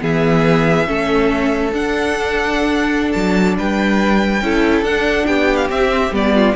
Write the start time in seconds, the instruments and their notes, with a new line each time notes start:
0.00 cello E3, viola B3, violin G#4 E5
0.86 cello A3, viola C#4, violin A4
1.71 cello D4, viola D4, violin F#5
3.12 cello F#3, violin A5
3.57 cello G3, violin B4 G5
4.41 cello C#4, viola E4, violin A4
4.81 cello D4, viola D4, violin F#5
5.26 cello B3, violin G4 G5
5.56 violin F5
5.69 viola C4, cello C4, violin E5
6.11 cello G3, viola B3, violin D5
6.34 violin F4